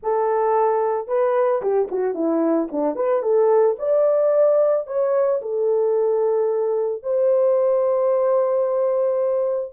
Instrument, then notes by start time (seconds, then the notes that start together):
horn
0.03 A4
1.07 B4
1.61 G4
1.91 F#4
2.14 E4
2.71 D4
2.95 B4
3.22 A4
3.78 D5
4.86 C#5
5.41 A4
7.02 C5